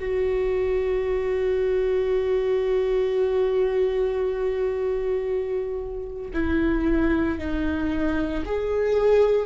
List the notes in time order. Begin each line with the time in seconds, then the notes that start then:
0.00 F#4
6.34 E4
7.39 D#4
8.46 G#4